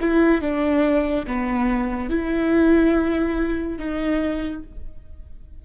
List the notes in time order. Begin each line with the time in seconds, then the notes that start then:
0.00 E4
0.41 D4
1.27 B3
2.09 E4
3.78 D#4